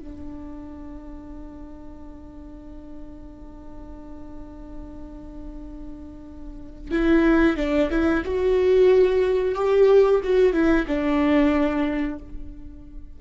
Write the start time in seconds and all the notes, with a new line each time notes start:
0.00 D4
6.91 E4
7.57 D4
7.91 E4
8.25 F#4
9.55 G4
10.23 F#4
10.53 E4
10.87 D4